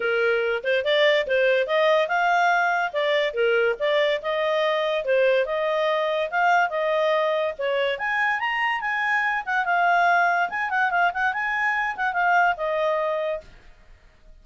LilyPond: \new Staff \with { instrumentName = "clarinet" } { \time 4/4 \tempo 4 = 143 ais'4. c''8 d''4 c''4 | dis''4 f''2 d''4 | ais'4 d''4 dis''2 | c''4 dis''2 f''4 |
dis''2 cis''4 gis''4 | ais''4 gis''4. fis''8 f''4~ | f''4 gis''8 fis''8 f''8 fis''8 gis''4~ | gis''8 fis''8 f''4 dis''2 | }